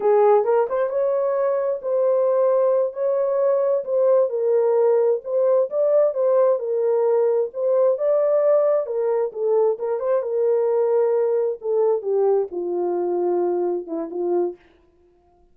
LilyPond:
\new Staff \with { instrumentName = "horn" } { \time 4/4 \tempo 4 = 132 gis'4 ais'8 c''8 cis''2 | c''2~ c''8 cis''4.~ | cis''8 c''4 ais'2 c''8~ | c''8 d''4 c''4 ais'4.~ |
ais'8 c''4 d''2 ais'8~ | ais'8 a'4 ais'8 c''8 ais'4.~ | ais'4. a'4 g'4 f'8~ | f'2~ f'8 e'8 f'4 | }